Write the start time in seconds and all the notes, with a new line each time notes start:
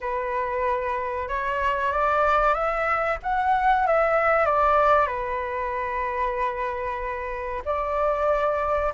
0.00 B4
1.28 C#5
1.92 D5
2.54 E5
3.22 F#5
3.86 E5
4.45 D5
5.06 B4
7.65 D5